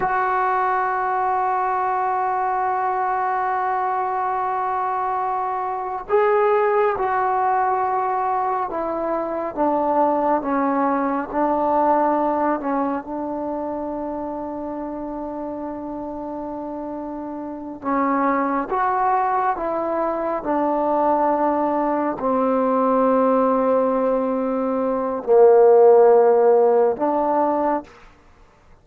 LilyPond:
\new Staff \with { instrumentName = "trombone" } { \time 4/4 \tempo 4 = 69 fis'1~ | fis'2. gis'4 | fis'2 e'4 d'4 | cis'4 d'4. cis'8 d'4~ |
d'1~ | d'8 cis'4 fis'4 e'4 d'8~ | d'4. c'2~ c'8~ | c'4 ais2 d'4 | }